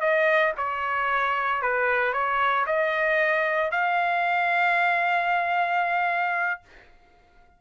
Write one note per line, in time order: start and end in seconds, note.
0.00 0.53 D#5
0.57 1.61 C#5
1.61 2.13 B4
2.13 2.65 C#5
2.66 3.71 D#5
3.71 6.60 F5